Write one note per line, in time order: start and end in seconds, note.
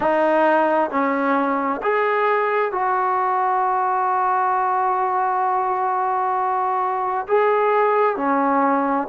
0.00 0.90 D#4
0.90 1.81 C#4
1.82 2.72 G#4
2.72 7.26 F#4
7.27 8.16 G#4
8.16 9.07 C#4